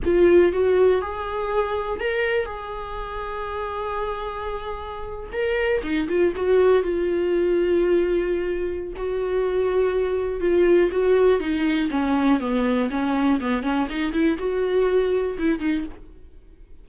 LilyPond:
\new Staff \with { instrumentName = "viola" } { \time 4/4 \tempo 4 = 121 f'4 fis'4 gis'2 | ais'4 gis'2.~ | gis'2~ gis'8. ais'4 dis'16~ | dis'16 f'8 fis'4 f'2~ f'16~ |
f'2 fis'2~ | fis'4 f'4 fis'4 dis'4 | cis'4 b4 cis'4 b8 cis'8 | dis'8 e'8 fis'2 e'8 dis'8 | }